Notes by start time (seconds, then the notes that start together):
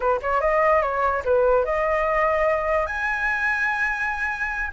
0.00 B4
0.21 C#5
0.41 D#5
0.81 C#5
1.24 B4
1.64 D#5
2.86 G#5